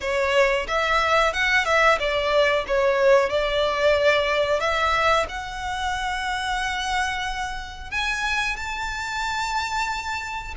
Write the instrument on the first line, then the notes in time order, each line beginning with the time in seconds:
violin
0.01 C#5
0.67 E5
1.33 F#5
1.65 E5
1.99 D5
2.67 C#5
3.29 D5
4.60 E5
5.28 F#5
7.90 G#5
8.56 A5